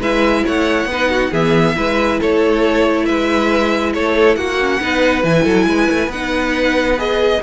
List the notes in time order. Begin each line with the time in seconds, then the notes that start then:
0.00 G#3 E4 B4 E5
0.46 A3 C#5 F#5
0.85 B3
0.91 D#4 B4
1.10 F#4
1.31 E3 B3 G#4 E5
1.76 G#3 E4 B4
2.20 A3 A4 C#5
3.06 G#3 B4 E5
3.94 A3 A4 C#5
4.36 A#3 F#4 F#5
4.60 C#4
4.81 B3 D#4 B4
5.23 E3 E4 G#5
5.44 F#3 A4
5.66 G#3 B4
5.90 A3
6.07 B3 F#5
6.14 D#4
6.97 G#4 D#5